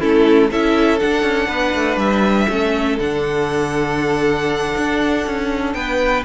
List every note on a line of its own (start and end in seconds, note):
0.00 0.51 A3
0.00 0.51 C#4
0.00 0.50 E4
0.00 0.51 A4
0.51 1.01 C#4
0.51 0.99 E4
0.51 1.48 A4
0.51 1.00 E5
0.99 2.49 D4
0.99 1.23 D4
0.99 1.99 F#5
1.23 1.48 C#4
1.48 1.74 B3
1.48 2.48 B4
1.75 1.97 A3
1.97 2.47 G3
1.97 2.99 E5
2.49 2.99 A3
2.49 2.99 C#4
2.49 5.76 A4
3.00 4.75 D3
3.00 6.26 D4
3.00 5.74 F#5
4.78 5.27 D4
5.27 5.75 C#4
5.74 6.25 B3
5.74 6.26 B4
5.74 6.24 G5